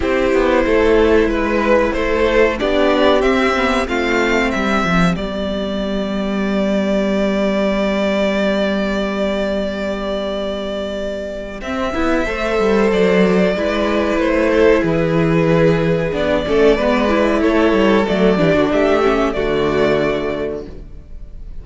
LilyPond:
<<
  \new Staff \with { instrumentName = "violin" } { \time 4/4 \tempo 4 = 93 c''2 b'4 c''4 | d''4 e''4 f''4 e''4 | d''1~ | d''1~ |
d''2 e''2 | d''2 c''4 b'4~ | b'4 d''2 cis''4 | d''4 e''4 d''2 | }
  \new Staff \with { instrumentName = "violin" } { \time 4/4 g'4 a'4 b'4 a'4 | g'2 f'4 g'4~ | g'1~ | g'1~ |
g'2. c''4~ | c''4 b'4. a'8 gis'4~ | gis'4. a'8 b'4 a'4~ | a'8 g'16 fis'16 g'4 fis'2 | }
  \new Staff \with { instrumentName = "viola" } { \time 4/4 e'1 | d'4 c'8 b8 c'2 | b1~ | b1~ |
b2 c'8 e'8 a'4~ | a'4 e'2.~ | e'4 d'8 cis'8 b8 e'4. | a8 d'4 cis'8 a2 | }
  \new Staff \with { instrumentName = "cello" } { \time 4/4 c'8 b8 a4 gis4 a4 | b4 c'4 a4 g8 f8 | g1~ | g1~ |
g2 c'8 b8 a8 g8 | fis4 gis4 a4 e4~ | e4 b8 a8 gis4 a8 g8 | fis8 e16 d16 a4 d2 | }
>>